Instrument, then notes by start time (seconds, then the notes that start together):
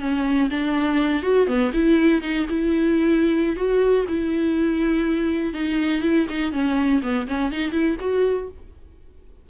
viola
0.00 C#4
0.50 D4
1.23 F#4
1.47 B3
1.73 E4
2.22 D#4
2.49 E4
3.56 F#4
4.08 E4
5.53 D#4
6.02 E4
6.29 D#4
6.52 C#4
7.02 B3
7.27 C#4
7.52 D#4
7.72 E4
8.00 F#4